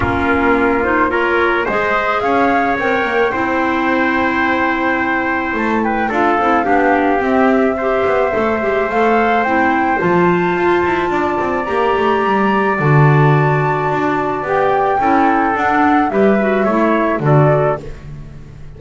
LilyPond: <<
  \new Staff \with { instrumentName = "flute" } { \time 4/4 \tempo 4 = 108 ais'4. c''8 cis''4 dis''4 | f''4 g''2.~ | g''2 a''8 g''8 f''4~ | f''4 e''2. |
f''4 g''4 a''2~ | a''4 ais''2 a''4~ | a''2 g''2 | fis''4 e''2 d''4 | }
  \new Staff \with { instrumentName = "trumpet" } { \time 4/4 f'2 ais'4 c''4 | cis''2 c''2~ | c''2~ c''8 b'8 a'4 | g'2 c''2~ |
c''1 | d''1~ | d''2. a'4~ | a'4 b'4 cis''4 a'4 | }
  \new Staff \with { instrumentName = "clarinet" } { \time 4/4 cis'4. dis'8 f'4 gis'4~ | gis'4 ais'4 e'2~ | e'2. f'8 e'8 | d'4 c'4 g'4 a'8 g'8 |
a'4 e'4 f'2~ | f'4 g'2 fis'4~ | fis'2 g'4 e'4 | d'4 g'8 fis'8 e'4 fis'4 | }
  \new Staff \with { instrumentName = "double bass" } { \time 4/4 ais2. gis4 | cis'4 c'8 ais8 c'2~ | c'2 a4 d'8 c'8 | b4 c'4. b8 a8 gis8 |
a4 c'4 f4 f'8 e'8 | d'8 c'8 ais8 a8 g4 d4~ | d4 d'4 b4 cis'4 | d'4 g4 a4 d4 | }
>>